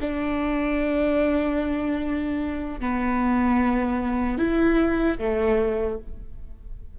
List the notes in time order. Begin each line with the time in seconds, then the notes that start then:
0.00 D4
2.80 B3
4.38 E4
5.18 A3